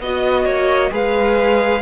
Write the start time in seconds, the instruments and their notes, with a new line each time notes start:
0.00 cello B3, viola F#4, violin D#5
0.45 cello A#3, violin C#5
0.90 cello G#3, viola G#4, violin B4 F5